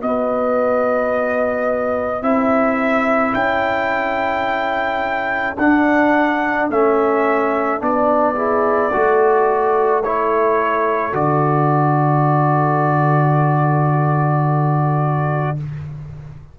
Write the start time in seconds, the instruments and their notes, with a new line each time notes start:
0.00 tuba B3, trombone F#4, trumpet D#5
0.06 horn B4
2.22 tuba C4, trombone E4, horn A4, trumpet E5
3.34 tuba C#4, trumpet G5
5.57 tuba D4, trombone D4, trumpet F#5
6.69 tuba A3, trombone C#4, trumpet E5
7.79 tuba B3, trombone D4, trumpet D5
8.35 trombone E4, horn G#4
8.91 tuba A3, trombone F#4, horn A4
10.03 trombone E4, trumpet C#5
11.12 tuba D3, trombone F#4, trumpet D5